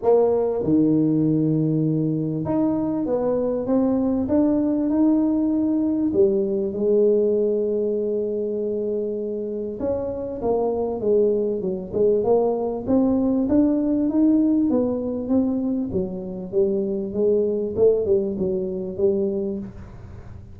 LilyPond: \new Staff \with { instrumentName = "tuba" } { \time 4/4 \tempo 4 = 98 ais4 dis2. | dis'4 b4 c'4 d'4 | dis'2 g4 gis4~ | gis1 |
cis'4 ais4 gis4 fis8 gis8 | ais4 c'4 d'4 dis'4 | b4 c'4 fis4 g4 | gis4 a8 g8 fis4 g4 | }